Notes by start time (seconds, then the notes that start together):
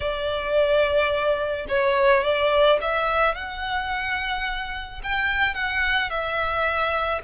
0.00 D5
1.68 C#5
2.23 D5
2.81 E5
3.34 F#5
5.03 G5
5.54 F#5
6.10 E5